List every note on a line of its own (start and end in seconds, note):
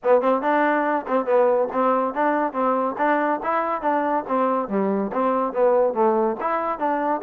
0.03 0.21 B3
0.21 0.41 C4
0.41 1.05 D4
1.07 1.25 C4
1.25 1.68 B3
1.72 2.14 C4
2.14 2.52 D4
2.52 2.95 C4
2.97 3.40 D4
3.43 3.81 E4
3.81 4.24 D4
4.27 4.68 C4
4.68 5.11 G3
5.12 5.52 C4
5.52 5.93 B3
5.93 6.36 A3
6.40 6.78 E4
6.78 7.21 D4